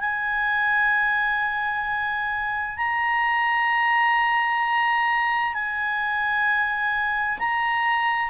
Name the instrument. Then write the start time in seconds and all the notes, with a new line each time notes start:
clarinet
0.00 G#5
2.77 A#5
5.54 G#5
7.38 A#5